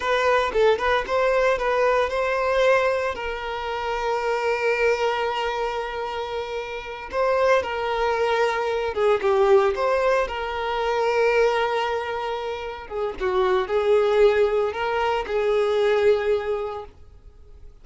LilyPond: \new Staff \with { instrumentName = "violin" } { \time 4/4 \tempo 4 = 114 b'4 a'8 b'8 c''4 b'4 | c''2 ais'2~ | ais'1~ | ais'4. c''4 ais'4.~ |
ais'4 gis'8 g'4 c''4 ais'8~ | ais'1~ | ais'8 gis'8 fis'4 gis'2 | ais'4 gis'2. | }